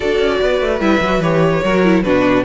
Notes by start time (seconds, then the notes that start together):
0.00 D4 F#4 A4 D5
0.19 C#4
0.41 B3 B4
0.60 A3
0.80 G3 E4 E5
1.01 F#3 F#4
1.19 E3 G4 C#5
1.63 F#3 F#4 A#4
1.84 E4
2.03 B2 D4 F#4 B4